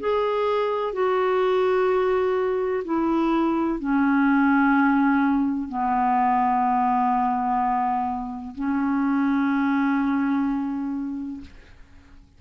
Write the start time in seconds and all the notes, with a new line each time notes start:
0.00 G#4
0.93 F#4
2.84 E4
3.80 C#4
5.69 B3
8.55 C#4